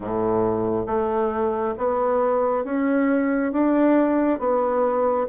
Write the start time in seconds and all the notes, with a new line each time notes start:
0.00 A2
0.86 A3
1.77 B3
2.64 C#4
3.52 D4
4.39 B3